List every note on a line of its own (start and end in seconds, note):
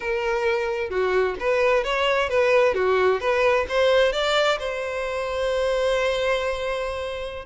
0.00 0.90 A#4
0.90 1.35 F#4
1.39 1.83 B4
1.83 2.29 C#5
2.29 2.74 B4
2.74 3.20 F#4
3.20 3.66 B4
3.68 4.12 C5
4.12 4.58 D5
4.59 7.45 C5